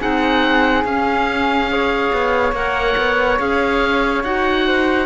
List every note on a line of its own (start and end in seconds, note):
0.00 0.84 C4
0.00 0.85 D#4
0.00 1.69 G#4
0.00 0.85 F#5
0.84 2.11 C#4
0.84 1.68 C#4
0.84 2.54 F5
1.68 2.53 G#4
1.68 4.67 C#5
2.13 2.52 B3
2.52 2.95 A#3
2.52 3.39 A#4
2.52 3.39 F#5
2.97 3.39 B3
3.39 4.23 C#4
3.39 4.23 G#4
3.39 4.24 F5
4.23 5.06 D#4
4.23 5.06 F#4
4.23 5.06 F#5
4.67 5.06 C5